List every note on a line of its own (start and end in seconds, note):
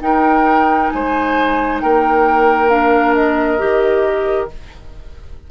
0.00 2.69 D#4
0.00 0.90 D#4
0.00 0.93 A#4
0.00 0.89 G5
0.89 1.83 G#3
0.89 1.82 C5
0.89 1.79 G#5
1.81 3.61 A#3
1.81 4.51 A#4
1.81 2.69 G5
2.69 3.58 D4
2.69 3.14 F5
3.14 4.49 D#5
3.58 4.51 D#3
3.58 4.48 G4